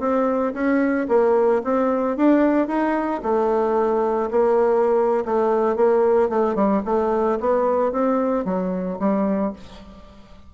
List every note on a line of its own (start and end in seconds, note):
0.00 0.54 C4
0.54 1.07 C#4
1.09 1.62 A#3
1.65 2.17 C4
2.17 2.68 D4
2.68 3.22 D#4
3.23 4.30 A3
4.31 5.25 A#3
5.25 5.76 A3
5.76 6.29 A#3
6.29 6.56 A3
6.56 6.83 G3
6.86 7.39 A3
7.41 7.92 B3
7.92 8.45 C4
8.45 8.99 F#3
9.00 9.53 G3